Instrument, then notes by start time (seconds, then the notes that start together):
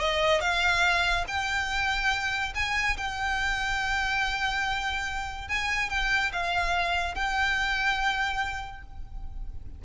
violin
0.00 D#5
0.41 F5
1.28 G5
2.55 G#5
2.97 G5
5.49 G#5
5.90 G5
6.33 F5
7.15 G5